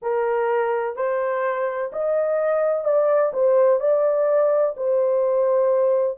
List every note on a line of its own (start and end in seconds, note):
0.02 0.95 A#4
0.95 1.90 C5
1.92 2.84 D#5
2.84 3.32 D5
3.33 3.80 C5
3.80 4.75 D5
4.77 6.18 C5